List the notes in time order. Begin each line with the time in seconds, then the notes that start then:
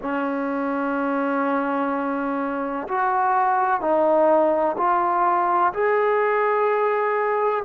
0.02 C#4
2.87 F#4
3.81 D#4
4.77 F4
5.73 G#4